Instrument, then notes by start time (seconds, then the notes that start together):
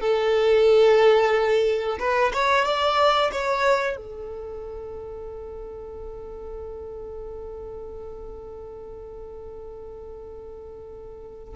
violin
0.00 A4
1.99 B4
2.33 C#5
2.65 D5
3.31 C#5
3.96 A4